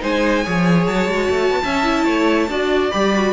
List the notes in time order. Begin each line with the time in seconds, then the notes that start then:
0.00 G#3 D#4 C5 G#5
0.44 F3 G#4 C#5
0.87 F#3 A5
1.07 G#3 F#4
1.31 A3
1.51 B3
1.64 C#4 E5
1.84 E4
2.05 A3 C#5
2.49 D4 F#4 D5
2.91 G3 G4 B5
3.15 F#4